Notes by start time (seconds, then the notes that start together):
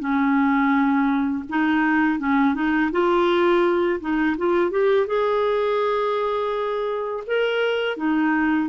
0.00 C#4
1.50 D#4
2.19 C#4
2.55 D#4
2.92 F4
4.01 D#4
4.38 F4
4.71 G4
5.07 G#4
7.27 A#4
7.97 D#4